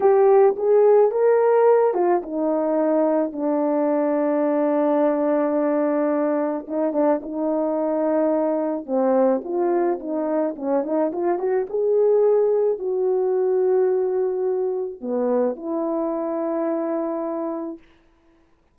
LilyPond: \new Staff \with { instrumentName = "horn" } { \time 4/4 \tempo 4 = 108 g'4 gis'4 ais'4. f'8 | dis'2 d'2~ | d'1 | dis'8 d'8 dis'2. |
c'4 f'4 dis'4 cis'8 dis'8 | f'8 fis'8 gis'2 fis'4~ | fis'2. b4 | e'1 | }